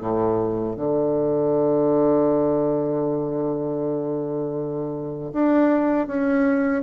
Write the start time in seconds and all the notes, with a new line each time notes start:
0.00 A2
0.76 D3
5.33 D4
6.07 C#4